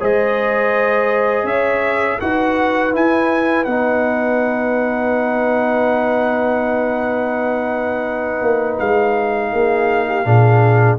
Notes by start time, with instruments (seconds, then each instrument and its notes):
0.00 tuba G#3, trombone G#4, horn C5, trumpet D#5
1.44 tuba C#4, horn C#5, trumpet E5
2.20 tuba D#4, trombone F#4, horn B4, trumpet F#5
2.93 trombone E4, tuba E4, trumpet G#5
3.64 tuba B3, trombone D#4, trumpet F#5
8.42 tuba A#3
8.79 tuba G#3, trumpet F5
9.51 tuba A#3, horn G#4
10.09 horn G4
10.25 tuba A#2, trombone D4, horn G#4